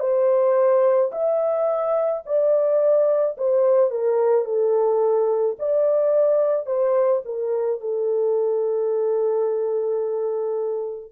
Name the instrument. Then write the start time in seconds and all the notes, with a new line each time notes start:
horn
0.00 C5
1.12 E5
2.26 D5
3.37 C5
3.91 A#4
4.45 A4
5.59 D5
6.67 C5
7.25 A#4
7.81 A4